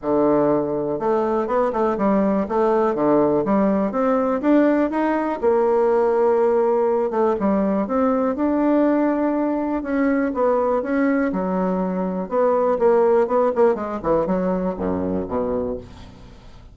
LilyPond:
\new Staff \with { instrumentName = "bassoon" } { \time 4/4 \tempo 4 = 122 d2 a4 b8 a8 | g4 a4 d4 g4 | c'4 d'4 dis'4 ais4~ | ais2~ ais8 a8 g4 |
c'4 d'2. | cis'4 b4 cis'4 fis4~ | fis4 b4 ais4 b8 ais8 | gis8 e8 fis4 fis,4 b,4 | }